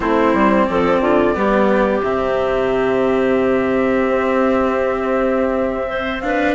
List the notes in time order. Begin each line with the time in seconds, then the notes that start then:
0.00 A3 C4 E4 C5
0.33 G3
0.65 F3 A4 D5
1.00 D3 F4
1.34 G3 B3 G4
2.02 C3 C4 E5
4.07 C4
5.88 C5
6.20 D4 B4 F5